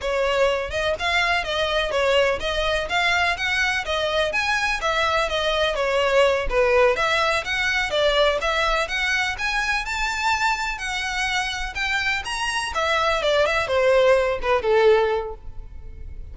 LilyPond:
\new Staff \with { instrumentName = "violin" } { \time 4/4 \tempo 4 = 125 cis''4. dis''8 f''4 dis''4 | cis''4 dis''4 f''4 fis''4 | dis''4 gis''4 e''4 dis''4 | cis''4. b'4 e''4 fis''8~ |
fis''8 d''4 e''4 fis''4 gis''8~ | gis''8 a''2 fis''4.~ | fis''8 g''4 ais''4 e''4 d''8 | e''8 c''4. b'8 a'4. | }